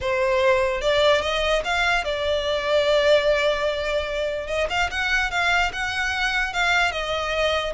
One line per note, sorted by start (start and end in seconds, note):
0.00 0.81 C5
0.81 1.21 D5
1.21 1.62 D#5
1.64 2.04 F5
2.04 4.47 D5
4.47 4.67 D#5
4.69 4.90 F5
4.90 5.30 F#5
5.30 5.71 F5
5.73 6.53 F#5
6.53 6.91 F5
6.91 7.73 D#5